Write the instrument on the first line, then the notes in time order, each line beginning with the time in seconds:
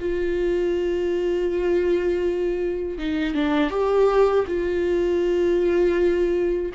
viola
0.00 F4
2.98 D#4
3.34 D4
3.70 G4
4.47 F4